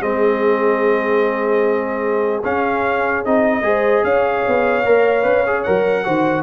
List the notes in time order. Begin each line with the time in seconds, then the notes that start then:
0.00 G#3 C4 G#4 D#5
2.44 C#4 F5
3.24 C4 D#4 D#5
3.61 G#3 G#4 C5
4.03 C#4 C#5 F5
4.47 B3
4.85 A#3 A#4
5.23 C#4 B4
5.46 G#4
5.63 F#3 A#4 F#5
6.04 D#3 F#4 C5